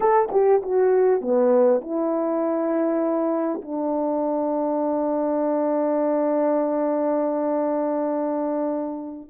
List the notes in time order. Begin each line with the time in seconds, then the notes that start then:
0.00 A4
0.31 G4
0.62 F#4
1.21 B3
1.81 E4
3.61 D4